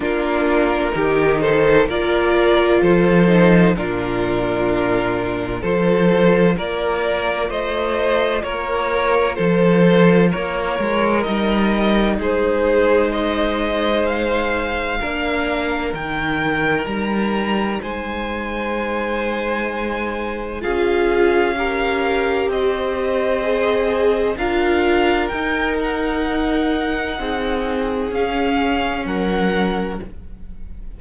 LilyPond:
<<
  \new Staff \with { instrumentName = "violin" } { \time 4/4 \tempo 4 = 64 ais'4. c''8 d''4 c''4 | ais'2 c''4 d''4 | dis''4 cis''4 c''4 cis''4 | dis''4 c''4 dis''4 f''4~ |
f''4 g''4 ais''4 gis''4~ | gis''2 f''2 | dis''2 f''4 g''8 fis''8~ | fis''2 f''4 fis''4 | }
  \new Staff \with { instrumentName = "violin" } { \time 4/4 f'4 g'8 a'8 ais'4 a'4 | f'2 a'4 ais'4 | c''4 ais'4 a'4 ais'4~ | ais'4 gis'4 c''2 |
ais'2. c''4~ | c''2 gis'4 ais'4 | c''2 ais'2~ | ais'4 gis'2 ais'4 | }
  \new Staff \with { instrumentName = "viola" } { \time 4/4 d'4 dis'4 f'4. dis'8 | d'2 f'2~ | f'1 | dis'1 |
d'4 dis'2.~ | dis'2 f'4 g'4~ | g'4 gis'4 f'4 dis'4~ | dis'2 cis'2 | }
  \new Staff \with { instrumentName = "cello" } { \time 4/4 ais4 dis4 ais4 f4 | ais,2 f4 ais4 | a4 ais4 f4 ais8 gis8 | g4 gis2. |
ais4 dis4 g4 gis4~ | gis2 cis'2 | c'2 d'4 dis'4~ | dis'4 c'4 cis'4 fis4 | }
>>